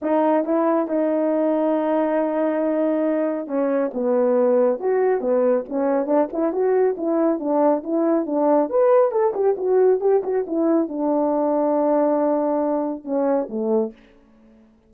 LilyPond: \new Staff \with { instrumentName = "horn" } { \time 4/4 \tempo 4 = 138 dis'4 e'4 dis'2~ | dis'1 | cis'4 b2 fis'4 | b4 cis'4 d'8 e'8 fis'4 |
e'4 d'4 e'4 d'4 | b'4 a'8 g'8 fis'4 g'8 fis'8 | e'4 d'2.~ | d'2 cis'4 a4 | }